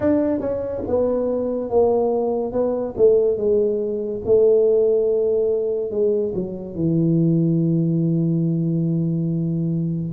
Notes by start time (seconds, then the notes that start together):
0.00 D4
0.40 C#4
0.87 B3
1.70 A#3
2.52 B3
2.97 A3
3.36 G#3
4.25 A3
5.90 G#3
6.34 F#3
6.75 E3